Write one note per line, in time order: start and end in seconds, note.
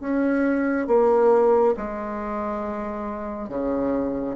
0.00 0.87 C#4
0.87 1.74 A#3
1.76 3.49 G#3
3.49 4.36 C#3